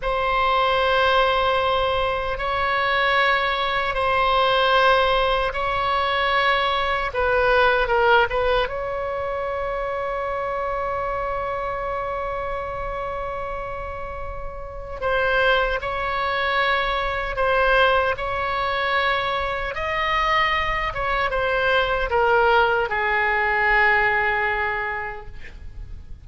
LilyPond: \new Staff \with { instrumentName = "oboe" } { \time 4/4 \tempo 4 = 76 c''2. cis''4~ | cis''4 c''2 cis''4~ | cis''4 b'4 ais'8 b'8 cis''4~ | cis''1~ |
cis''2. c''4 | cis''2 c''4 cis''4~ | cis''4 dis''4. cis''8 c''4 | ais'4 gis'2. | }